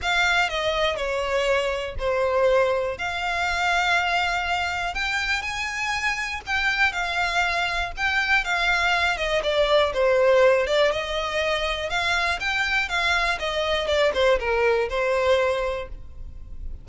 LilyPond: \new Staff \with { instrumentName = "violin" } { \time 4/4 \tempo 4 = 121 f''4 dis''4 cis''2 | c''2 f''2~ | f''2 g''4 gis''4~ | gis''4 g''4 f''2 |
g''4 f''4. dis''8 d''4 | c''4. d''8 dis''2 | f''4 g''4 f''4 dis''4 | d''8 c''8 ais'4 c''2 | }